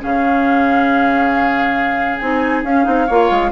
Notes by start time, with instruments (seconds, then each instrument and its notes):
0.00 bassoon C#3, clarinet C#4, oboe G#4, flute F5
2.19 bassoon C4, clarinet D#4, flute G#5
2.64 bassoon C#4, clarinet C#4, flute F5
2.84 bassoon C4, clarinet D#4
3.07 bassoon A#3, clarinet F4, oboe C#5
3.31 bassoon G#3